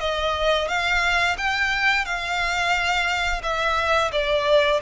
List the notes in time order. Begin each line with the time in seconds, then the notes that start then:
0.00 D#5
0.68 F5
1.38 G5
2.05 F5
3.43 E5
4.12 D5